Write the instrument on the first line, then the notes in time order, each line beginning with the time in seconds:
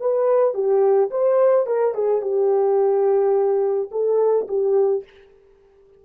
horn
0.00 B4
0.54 G4
1.10 C5
1.67 A#4
1.94 G#4
2.21 G4
3.91 A4
4.48 G4